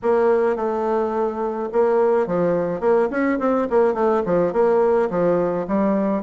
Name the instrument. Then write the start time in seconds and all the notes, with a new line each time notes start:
bassoon
0.02 A#3
0.56 A3
1.72 A#3
2.26 F3
2.80 A#3
3.10 C#4
3.39 C4
3.70 A#3
3.93 A3
4.25 F3
4.52 A#3
5.09 F3
5.67 G3